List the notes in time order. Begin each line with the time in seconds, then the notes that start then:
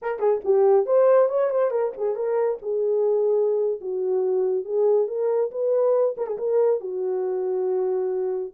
0.02 A#4
0.19 G#4
0.44 G4
0.85 C5
1.29 C#5
1.50 C5
1.71 A#4
1.97 G#4
2.15 A#4
2.61 G#4
3.80 F#4
4.65 G#4
5.07 A#4
5.51 B4
6.17 A#4
6.26 G#4
6.38 A#4
6.80 F#4